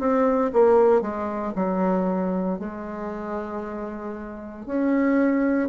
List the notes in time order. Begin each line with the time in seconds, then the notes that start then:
0.00 C4
0.54 A#3
1.02 G#3
1.56 F#3
2.60 G#3
4.66 C#4